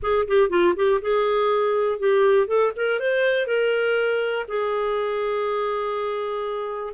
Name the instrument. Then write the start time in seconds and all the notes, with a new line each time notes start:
clarinet
0.02 G#4
0.27 G4
0.49 F4
0.76 G4
1.01 G#4
1.99 G4
2.47 A4
2.75 A#4
2.99 C5
3.46 A#4
4.48 G#4